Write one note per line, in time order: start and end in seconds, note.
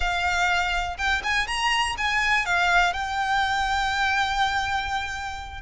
0.00 0.97 F5
0.97 1.22 G5
1.23 1.47 G#5
1.47 1.96 A#5
1.97 2.45 G#5
2.45 2.93 F5
2.93 5.61 G5